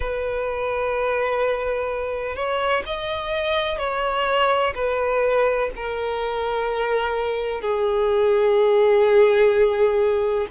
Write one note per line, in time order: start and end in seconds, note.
0.00 2.35 B4
2.35 2.83 C#5
2.86 3.78 D#5
3.78 4.73 C#5
4.74 5.69 B4
5.76 7.61 A#4
7.61 10.46 G#4